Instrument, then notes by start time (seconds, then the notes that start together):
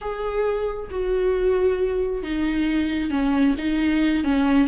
viola
0.01 G#4
0.90 F#4
2.23 D#4
3.10 C#4
3.58 D#4
4.23 C#4